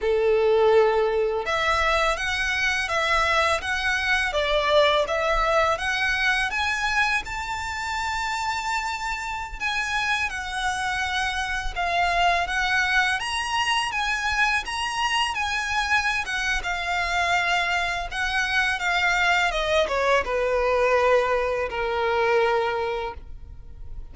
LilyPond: \new Staff \with { instrumentName = "violin" } { \time 4/4 \tempo 4 = 83 a'2 e''4 fis''4 | e''4 fis''4 d''4 e''4 | fis''4 gis''4 a''2~ | a''4~ a''16 gis''4 fis''4.~ fis''16~ |
fis''16 f''4 fis''4 ais''4 gis''8.~ | gis''16 ais''4 gis''4~ gis''16 fis''8 f''4~ | f''4 fis''4 f''4 dis''8 cis''8 | b'2 ais'2 | }